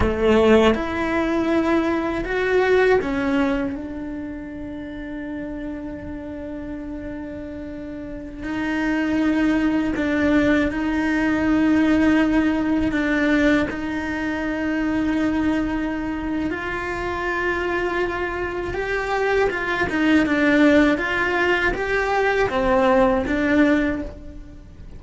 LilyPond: \new Staff \with { instrumentName = "cello" } { \time 4/4 \tempo 4 = 80 a4 e'2 fis'4 | cis'4 d'2.~ | d'2.~ d'16 dis'8.~ | dis'4~ dis'16 d'4 dis'4.~ dis'16~ |
dis'4~ dis'16 d'4 dis'4.~ dis'16~ | dis'2 f'2~ | f'4 g'4 f'8 dis'8 d'4 | f'4 g'4 c'4 d'4 | }